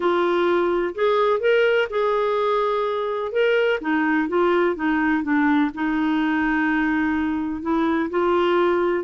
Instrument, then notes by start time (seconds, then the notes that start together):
clarinet
0.00 F4
0.94 G#4
1.40 A#4
1.90 G#4
3.32 A#4
3.80 D#4
4.28 F4
4.75 D#4
5.23 D4
5.74 D#4
7.62 E4
8.10 F4